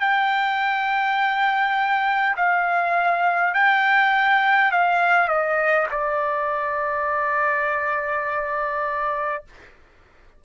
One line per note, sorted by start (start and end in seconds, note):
0.00 2.35 G5
2.36 3.54 F5
3.54 4.72 G5
4.72 5.28 F5
5.28 5.87 D#5
5.91 9.44 D5